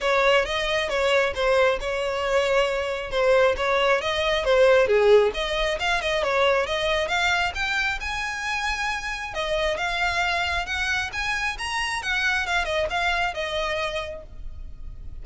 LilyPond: \new Staff \with { instrumentName = "violin" } { \time 4/4 \tempo 4 = 135 cis''4 dis''4 cis''4 c''4 | cis''2. c''4 | cis''4 dis''4 c''4 gis'4 | dis''4 f''8 dis''8 cis''4 dis''4 |
f''4 g''4 gis''2~ | gis''4 dis''4 f''2 | fis''4 gis''4 ais''4 fis''4 | f''8 dis''8 f''4 dis''2 | }